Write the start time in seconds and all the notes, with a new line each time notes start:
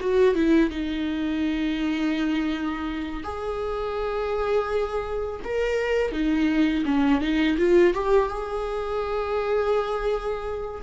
0.00 F#4
0.35 E4
0.70 D#4
3.23 G#4
5.44 A#4
6.12 D#4
6.85 C#4
7.21 D#4
7.57 F4
7.94 G4
8.29 G#4